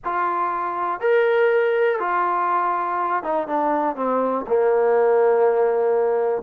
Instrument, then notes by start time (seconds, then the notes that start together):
trombone
0.04 F4
1.00 A#4
1.99 F4
3.23 D#4
3.47 D4
3.96 C4
4.47 A#3